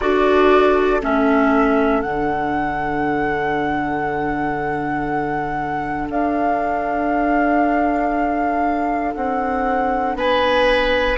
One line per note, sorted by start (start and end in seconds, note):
0.00 1.02 D4
0.00 1.01 F#4
0.00 10.17 A4
0.00 1.01 D5
1.01 2.03 A3
1.01 2.03 C#4
1.01 2.01 E5
2.01 6.09 D3
2.01 11.18 D4
2.01 6.08 F#5
6.09 9.14 D4
6.09 9.14 F5
9.14 10.15 C4
9.14 10.16 F#5
10.15 11.17 B3
10.15 11.18 B4
10.15 11.18 G#5